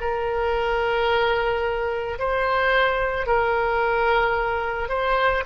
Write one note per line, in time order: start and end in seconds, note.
0.00 2.18 A#4
2.19 3.26 C5
3.26 4.88 A#4
4.88 5.43 C5